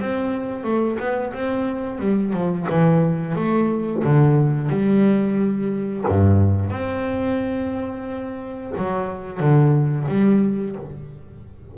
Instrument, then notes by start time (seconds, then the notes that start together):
double bass
0.00 C4
0.64 A3
0.99 B3
1.33 C4
2.00 G3
2.33 F3
2.70 E3
3.36 A3
4.04 D3
4.69 G3
6.08 G2
6.70 C4
8.77 F#3
9.40 D3
10.08 G3